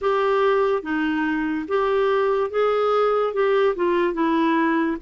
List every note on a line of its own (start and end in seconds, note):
0.01 0.82 G4
0.82 1.66 D#4
1.67 2.50 G4
2.50 3.33 G#4
3.33 3.75 G4
3.75 4.13 F4
4.13 4.97 E4